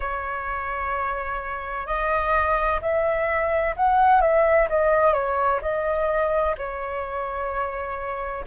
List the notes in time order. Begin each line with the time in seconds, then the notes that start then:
0.00 C#5
1.86 D#5
2.81 E5
3.76 F#5
4.21 E5
4.69 D#5
5.13 C#5
5.61 D#5
6.57 C#5